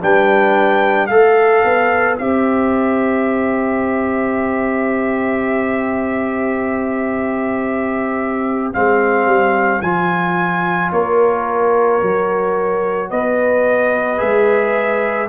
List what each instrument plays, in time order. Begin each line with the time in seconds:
0.00 tuba G3, trombone D4, horn B4, trumpet G5
1.06 tuba A3, trombone A4, horn C5, trumpet F5
1.64 tuba B3
2.18 tuba C4, trombone G4, trumpet E5
8.73 tuba G#3, trombone C4, trumpet F5
9.25 tuba G3
9.81 tuba F3, trombone F4, trumpet G#5
10.91 tuba A#3, horn A#4, trumpet C#5
12.02 tuba F#3, trombone F#4
13.10 tuba B3, horn B4, trumpet D#5
14.17 tuba G#3, trombone G#4, trumpet E5